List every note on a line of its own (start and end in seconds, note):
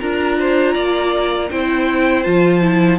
0.00 0.75 D4
0.00 1.50 F4
0.00 0.38 A#4
0.00 1.50 A#5
0.39 0.74 C5
0.74 1.50 A#3
0.74 1.49 D5
1.50 2.26 C4
1.50 2.24 E4
1.50 2.99 C5
1.50 2.24 G5
2.24 2.99 F3
2.24 2.61 F4
2.24 2.99 A5
2.61 2.99 E4